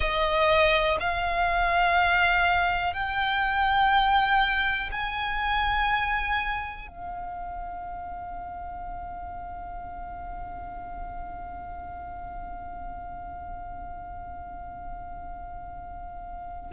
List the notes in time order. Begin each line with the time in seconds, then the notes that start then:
0.00 D#5
1.00 F5
2.93 G5
4.91 G#5
6.87 F5